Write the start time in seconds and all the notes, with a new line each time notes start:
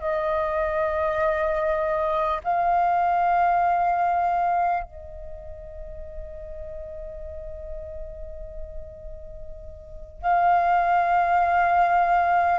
0.00 D#5
2.44 F5
4.83 D#5
10.22 F5